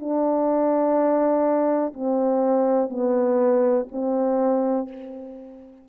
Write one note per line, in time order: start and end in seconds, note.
0.00 1.94 D4
1.94 2.90 C4
2.90 3.87 B3
3.92 4.89 C4